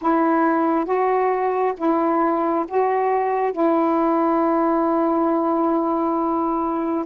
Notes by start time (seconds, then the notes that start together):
0.01 E4
0.85 F#4
1.77 E4
2.68 F#4
3.52 E4